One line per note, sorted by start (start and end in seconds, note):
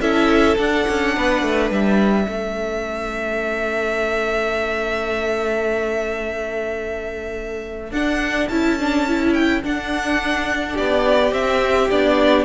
0.00 0.57 C#4
0.00 0.57 E4
0.00 1.14 A4
0.00 0.57 E5
0.57 0.86 D4
0.57 2.23 D4
0.57 1.71 F#5
0.88 1.16 C#4
1.16 1.42 B3
1.16 2.27 B4
1.42 1.70 A3
1.70 2.27 G3
1.70 7.92 E5
2.23 7.91 A3
2.23 7.90 C#4
2.23 10.74 A4
7.91 8.47 D4
7.91 8.51 D4
7.91 8.48 F#5
8.48 9.62 C#4
8.48 8.79 E4
8.48 9.33 A5
8.79 9.07 D4
9.07 9.63 E4
9.33 9.61 G5
9.63 11.30 D4
9.63 10.77 D4
9.63 10.77 F#5
10.74 11.32 B3
10.74 12.44 G4
10.74 11.33 D5
11.30 11.87 C4
11.30 11.88 C4
11.30 11.90 E5
11.90 12.44 B3
11.90 12.44 D4
11.90 12.44 D5